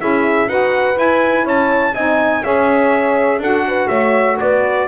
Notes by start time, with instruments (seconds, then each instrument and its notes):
0.00 double bass C#4, saxophone E4, horn G#4, trumpet E5
0.48 double bass D#4, saxophone F#4, horn B4, trumpet F#5
0.94 saxophone E4, double bass E4, trumpet G#5
1.45 double bass C#4, horn C#5, trumpet A5
1.95 double bass C4, saxophone D#4, horn D#5, trumpet G#5
2.44 double bass C#4, saxophone G#4, horn C#5, trumpet E5
3.39 double bass D4, saxophone F#4, horn A4, trumpet F#5
3.68 horn B4
3.88 double bass A3, horn C#5, trumpet E5
4.40 double bass B3, horn B4, trumpet D5